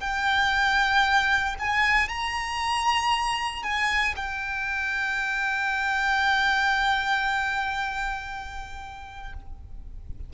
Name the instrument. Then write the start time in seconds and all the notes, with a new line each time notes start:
violin
0.00 G5
1.59 G#5
2.08 A#5
3.63 G#5
4.16 G5